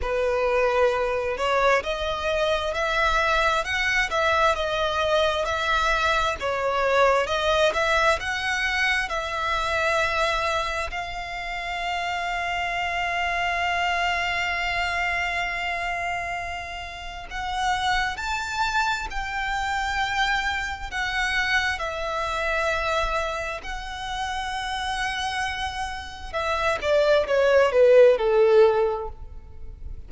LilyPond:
\new Staff \with { instrumentName = "violin" } { \time 4/4 \tempo 4 = 66 b'4. cis''8 dis''4 e''4 | fis''8 e''8 dis''4 e''4 cis''4 | dis''8 e''8 fis''4 e''2 | f''1~ |
f''2. fis''4 | a''4 g''2 fis''4 | e''2 fis''2~ | fis''4 e''8 d''8 cis''8 b'8 a'4 | }